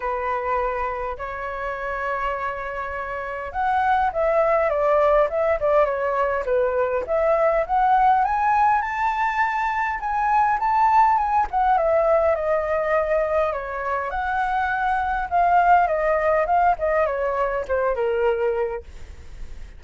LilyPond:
\new Staff \with { instrumentName = "flute" } { \time 4/4 \tempo 4 = 102 b'2 cis''2~ | cis''2 fis''4 e''4 | d''4 e''8 d''8 cis''4 b'4 | e''4 fis''4 gis''4 a''4~ |
a''4 gis''4 a''4 gis''8 fis''8 | e''4 dis''2 cis''4 | fis''2 f''4 dis''4 | f''8 dis''8 cis''4 c''8 ais'4. | }